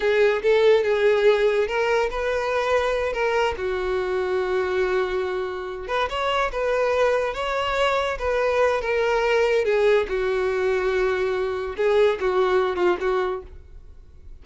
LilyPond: \new Staff \with { instrumentName = "violin" } { \time 4/4 \tempo 4 = 143 gis'4 a'4 gis'2 | ais'4 b'2~ b'8 ais'8~ | ais'8 fis'2.~ fis'8~ | fis'2 b'8 cis''4 b'8~ |
b'4. cis''2 b'8~ | b'4 ais'2 gis'4 | fis'1 | gis'4 fis'4. f'8 fis'4 | }